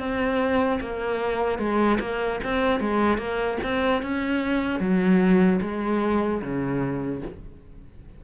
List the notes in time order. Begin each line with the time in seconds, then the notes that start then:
0.00 C4
0.81 A#3
1.59 G#3
2.01 A#3
2.44 C4
2.80 G#3
3.18 A#3
3.64 C4
4.03 C#4
4.80 F#3
5.62 G#3
6.42 C#3